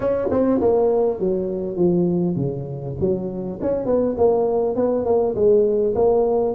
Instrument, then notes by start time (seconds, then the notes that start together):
tuba
0.00 C#4
0.31 C4
0.60 A#3
1.19 F#3
1.76 F3
2.36 C#3
3.00 F#3
3.61 C#4
3.85 B3
4.17 A#3
4.75 B3
5.05 A#3
5.35 G#3
5.95 A#3